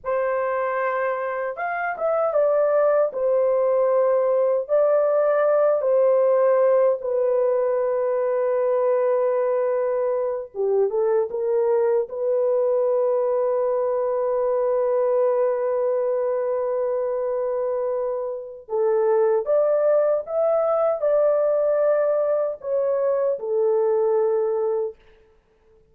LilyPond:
\new Staff \with { instrumentName = "horn" } { \time 4/4 \tempo 4 = 77 c''2 f''8 e''8 d''4 | c''2 d''4. c''8~ | c''4 b'2.~ | b'4. g'8 a'8 ais'4 b'8~ |
b'1~ | b'1 | a'4 d''4 e''4 d''4~ | d''4 cis''4 a'2 | }